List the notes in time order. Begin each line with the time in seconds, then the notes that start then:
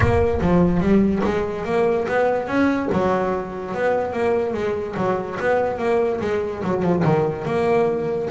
0.00 A#3
0.41 F3
0.80 G3
1.24 G#3
1.65 A#3
2.07 B3
2.47 C#4
2.92 F#3
3.74 B3
4.12 A#3
4.53 G#3
4.96 F#3
5.39 B3
5.78 A#3
6.21 G#3
6.63 F#3
6.82 F3
7.04 D#3
7.45 A#3